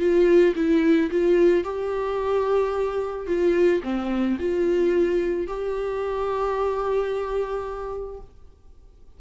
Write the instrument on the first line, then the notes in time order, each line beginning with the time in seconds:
viola
0.00 F4
0.56 E4
1.11 F4
1.64 G4
3.27 F4
3.84 C4
4.39 F4
5.47 G4